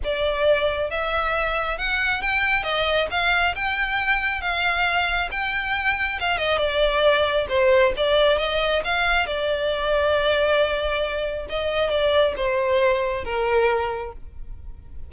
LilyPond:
\new Staff \with { instrumentName = "violin" } { \time 4/4 \tempo 4 = 136 d''2 e''2 | fis''4 g''4 dis''4 f''4 | g''2 f''2 | g''2 f''8 dis''8 d''4~ |
d''4 c''4 d''4 dis''4 | f''4 d''2.~ | d''2 dis''4 d''4 | c''2 ais'2 | }